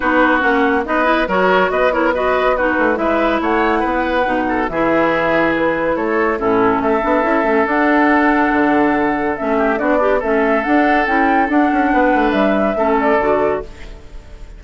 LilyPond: <<
  \new Staff \with { instrumentName = "flute" } { \time 4/4 \tempo 4 = 141 b'4 fis''4 dis''4 cis''4 | dis''8 cis''8 dis''4 b'4 e''4 | fis''2. e''4~ | e''4 b'4 cis''4 a'4 |
e''2 fis''2~ | fis''2 e''4 d''4 | e''4 fis''4 g''4 fis''4~ | fis''4 e''4. d''4. | }
  \new Staff \with { instrumentName = "oboe" } { \time 4/4 fis'2 b'4 ais'4 | b'8 ais'8 b'4 fis'4 b'4 | cis''4 b'4. a'8 gis'4~ | gis'2 a'4 e'4 |
a'1~ | a'2~ a'8 g'8 fis'8 d'8 | a'1 | b'2 a'2 | }
  \new Staff \with { instrumentName = "clarinet" } { \time 4/4 dis'4 cis'4 dis'8 e'8 fis'4~ | fis'8 e'8 fis'4 dis'4 e'4~ | e'2 dis'4 e'4~ | e'2. cis'4~ |
cis'8 d'8 e'8 cis'8 d'2~ | d'2 cis'4 d'8 g'8 | cis'4 d'4 e'4 d'4~ | d'2 cis'4 fis'4 | }
  \new Staff \with { instrumentName = "bassoon" } { \time 4/4 b4 ais4 b4 fis4 | b2~ b8 a8 gis4 | a4 b4 b,4 e4~ | e2 a4 a,4 |
a8 b8 cis'8 a8 d'2 | d2 a4 b4 | a4 d'4 cis'4 d'8 cis'8 | b8 a8 g4 a4 d4 | }
>>